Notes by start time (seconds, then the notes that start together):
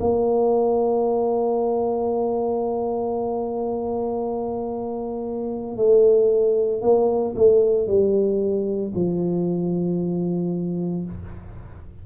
0.00 A#3
5.76 A3
6.81 A#3
7.35 A3
7.87 G3
8.95 F3